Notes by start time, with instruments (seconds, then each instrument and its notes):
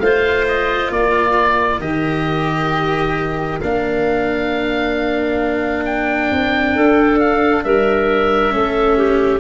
0.00 tuba A3, cello F4, clarinet C5, oboe F5
0.48 oboe D#5
0.91 tuba A#3, clarinet A#4, oboe D5
1.80 tuba D#3, cello G4, oboe D#5
3.61 tuba A#3, cello D4, oboe F5
5.86 oboe G5
6.31 tuba C4
6.75 tuba D4, clarinet A4
7.20 oboe F5
7.64 tuba G3, clarinet A#4, oboe E5
8.51 tuba A3, cello C#4, clarinet A4
8.98 clarinet G4